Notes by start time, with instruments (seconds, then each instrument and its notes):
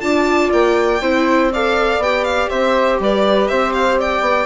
0.00 bassoon D4, viola F4, flute D5, violin A5
0.52 bassoon A#3, violin G5
1.01 bassoon C4, viola E4, flute C5
1.52 viola A4, flute D5, violin F5
1.98 bassoon B3, viola G4, violin G5
2.24 violin F5
2.49 bassoon C4, flute C5, violin E5
2.99 bassoon G3, flute B4, violin D5
3.48 bassoon C4, flute C5, violin E5
3.73 violin F5
3.99 flute D5, violin G5
4.20 bassoon B3